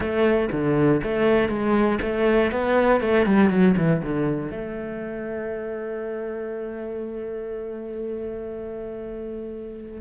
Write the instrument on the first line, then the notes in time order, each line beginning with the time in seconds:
cello
0.00 A3
0.51 D3
1.03 A3
1.48 G#3
2.01 A3
2.51 B3
3.00 A3
3.26 G3
3.49 F#3
3.76 E3
4.02 D3
4.50 A3